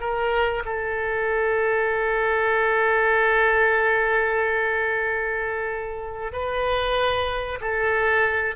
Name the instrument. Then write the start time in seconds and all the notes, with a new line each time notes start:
oboe
0.00 A#4
0.65 A4
6.32 B4
7.61 A4